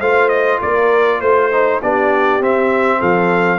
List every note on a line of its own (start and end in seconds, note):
0.00 0.61 A3
0.00 1.52 F4
0.00 0.60 C5
0.00 0.29 F5
0.29 0.59 D#5
0.61 1.21 A#3
0.61 1.21 A#4
0.61 1.21 D5
1.21 1.81 A3
1.21 1.81 C5
1.52 1.82 D#4
1.82 2.41 B3
1.82 2.41 D4
1.82 2.99 G4
1.82 2.43 D5
2.41 3.01 C4
2.41 3.59 C4
2.41 3.02 E5
2.99 3.59 F3
2.99 3.59 A4
2.99 3.59 F5